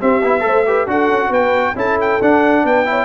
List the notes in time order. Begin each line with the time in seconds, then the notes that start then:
0.00 C4 G4 E5
0.23 B3 E4
0.41 A3 A4 C5
0.67 G4 B4
0.87 D4 F#4 A4 F#5
1.09 C#4
1.30 B3 B4 G5
1.76 C#4 E4 A4 A5
2.01 G5
2.21 D4 F#5
2.65 B3 B4 G5
2.86 E4 C#5